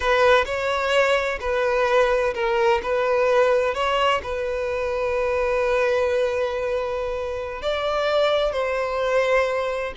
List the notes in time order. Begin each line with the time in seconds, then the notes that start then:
0.00 B4
0.45 C#5
1.40 B4
2.34 A#4
2.83 B4
3.74 C#5
4.23 B4
7.62 D5
8.52 C5